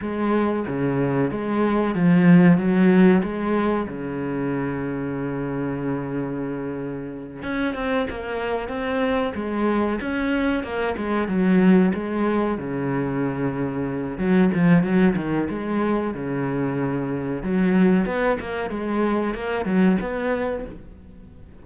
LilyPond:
\new Staff \with { instrumentName = "cello" } { \time 4/4 \tempo 4 = 93 gis4 cis4 gis4 f4 | fis4 gis4 cis2~ | cis2.~ cis8 cis'8 | c'8 ais4 c'4 gis4 cis'8~ |
cis'8 ais8 gis8 fis4 gis4 cis8~ | cis2 fis8 f8 fis8 dis8 | gis4 cis2 fis4 | b8 ais8 gis4 ais8 fis8 b4 | }